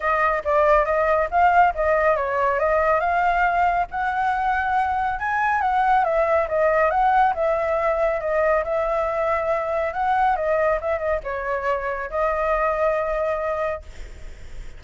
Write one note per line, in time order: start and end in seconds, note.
0.00 0.43 D#5
0.44 0.85 D5
0.85 1.28 D#5
1.30 1.73 F5
1.74 2.16 D#5
2.16 2.59 C#5
2.59 3.00 D#5
3.00 3.86 F5
3.90 5.19 F#5
5.19 5.61 G#5
5.61 6.04 F#5
6.04 6.47 E5
6.48 6.90 D#5
6.90 7.33 F#5
7.34 8.20 E5
8.20 8.63 D#5
8.64 9.93 E5
9.93 10.36 F#5
10.36 10.79 D#5
10.81 10.98 E5
10.98 11.20 D#5
11.23 12.10 C#5
12.10 13.82 D#5